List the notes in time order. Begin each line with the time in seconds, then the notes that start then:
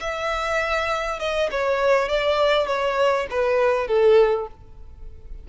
0.00 E5
1.19 D#5
1.51 C#5
2.08 D5
2.67 C#5
3.30 B4
3.87 A4